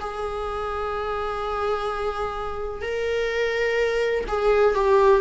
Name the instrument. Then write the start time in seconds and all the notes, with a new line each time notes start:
viola
0.00 G#4
2.82 A#4
4.28 G#4
4.75 G4